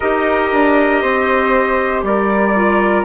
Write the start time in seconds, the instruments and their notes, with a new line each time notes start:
0.00 bassoon D#4, clarinet G4, flute A#4, trumpet D#5
0.52 bassoon D4
1.01 bassoon C4, flute C5
2.02 bassoon G3, flute A#4, trumpet D5
2.55 clarinet F4